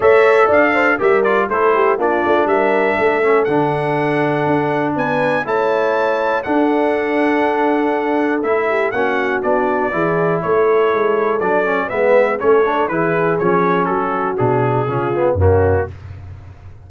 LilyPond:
<<
  \new Staff \with { instrumentName = "trumpet" } { \time 4/4 \tempo 4 = 121 e''4 f''4 e''8 d''8 c''4 | d''4 e''2 fis''4~ | fis''2 gis''4 a''4~ | a''4 fis''2.~ |
fis''4 e''4 fis''4 d''4~ | d''4 cis''2 d''4 | e''4 cis''4 b'4 cis''4 | a'4 gis'2 fis'4 | }
  \new Staff \with { instrumentName = "horn" } { \time 4/4 cis''4 d''8 c''8 ais'4 a'8 g'8 | f'4 ais'4 a'2~ | a'2 b'4 cis''4~ | cis''4 a'2.~ |
a'4. g'8 fis'2 | gis'4 a'2. | b'4 a'4 gis'2 | fis'2 f'4 cis'4 | }
  \new Staff \with { instrumentName = "trombone" } { \time 4/4 a'2 g'8 f'8 e'4 | d'2~ d'8 cis'8 d'4~ | d'2. e'4~ | e'4 d'2.~ |
d'4 e'4 cis'4 d'4 | e'2. d'8 cis'8 | b4 cis'8 d'8 e'4 cis'4~ | cis'4 d'4 cis'8 b8 ais4 | }
  \new Staff \with { instrumentName = "tuba" } { \time 4/4 a4 d'4 g4 a4 | ais8 a8 g4 a4 d4~ | d4 d'4 b4 a4~ | a4 d'2.~ |
d'4 a4 ais4 b4 | e4 a4 gis4 fis4 | gis4 a4 e4 f4 | fis4 b,4 cis4 fis,4 | }
>>